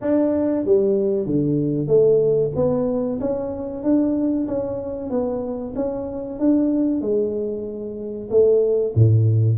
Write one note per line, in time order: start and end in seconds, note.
0.01 0.65 D4
0.65 1.26 G3
1.26 1.87 D3
1.87 2.51 A3
2.55 3.19 B3
3.20 3.83 C#4
3.83 4.47 D4
4.47 5.09 C#4
5.09 5.73 B3
5.75 6.39 C#4
6.39 7.01 D4
7.01 8.29 G#3
8.30 8.94 A3
8.95 9.57 A2